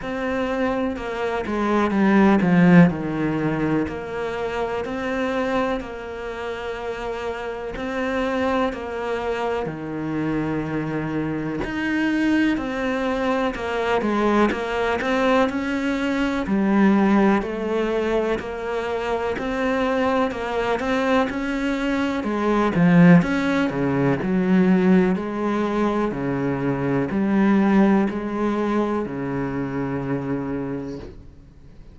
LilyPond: \new Staff \with { instrumentName = "cello" } { \time 4/4 \tempo 4 = 62 c'4 ais8 gis8 g8 f8 dis4 | ais4 c'4 ais2 | c'4 ais4 dis2 | dis'4 c'4 ais8 gis8 ais8 c'8 |
cis'4 g4 a4 ais4 | c'4 ais8 c'8 cis'4 gis8 f8 | cis'8 cis8 fis4 gis4 cis4 | g4 gis4 cis2 | }